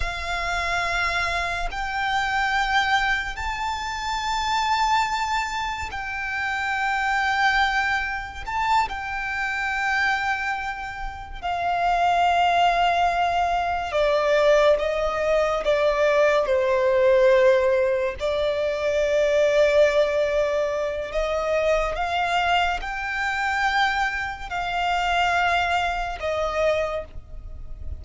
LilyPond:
\new Staff \with { instrumentName = "violin" } { \time 4/4 \tempo 4 = 71 f''2 g''2 | a''2. g''4~ | g''2 a''8 g''4.~ | g''4. f''2~ f''8~ |
f''8 d''4 dis''4 d''4 c''8~ | c''4. d''2~ d''8~ | d''4 dis''4 f''4 g''4~ | g''4 f''2 dis''4 | }